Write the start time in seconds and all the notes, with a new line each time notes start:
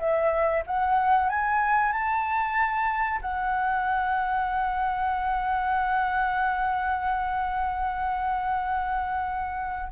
0.00 E5
0.67 F#5
1.30 G#5
1.93 A5
3.22 F#5